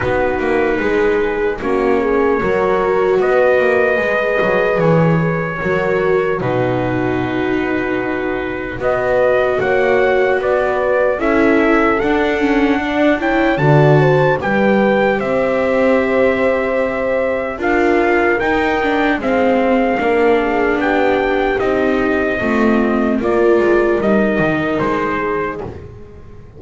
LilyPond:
<<
  \new Staff \with { instrumentName = "trumpet" } { \time 4/4 \tempo 4 = 75 b'2 cis''2 | dis''2 cis''2 | b'2. dis''4 | fis''4 d''4 e''4 fis''4~ |
fis''8 g''8 a''4 g''4 e''4~ | e''2 f''4 g''4 | f''2 g''4 dis''4~ | dis''4 d''4 dis''4 c''4 | }
  \new Staff \with { instrumentName = "horn" } { \time 4/4 fis'4 gis'4 fis'8 gis'8 ais'4 | b'2. ais'4 | fis'2. b'4 | cis''4 b'4 a'2 |
d''8 cis''8 d''8 c''8 b'4 c''4~ | c''2 ais'2 | c''4 ais'8 gis'8 g'2 | f'4 ais'2~ ais'8 gis'8 | }
  \new Staff \with { instrumentName = "viola" } { \time 4/4 dis'2 cis'4 fis'4~ | fis'4 gis'2 fis'4 | dis'2. fis'4~ | fis'2 e'4 d'8 cis'8 |
d'8 e'8 fis'4 g'2~ | g'2 f'4 dis'8 d'8 | c'4 d'2 dis'4 | c'4 f'4 dis'2 | }
  \new Staff \with { instrumentName = "double bass" } { \time 4/4 b8 ais8 gis4 ais4 fis4 | b8 ais8 gis8 fis8 e4 fis4 | b,2. b4 | ais4 b4 cis'4 d'4~ |
d'4 d4 g4 c'4~ | c'2 d'4 dis'4 | gis4 ais4 b4 c'4 | a4 ais8 gis8 g8 dis8 gis4 | }
>>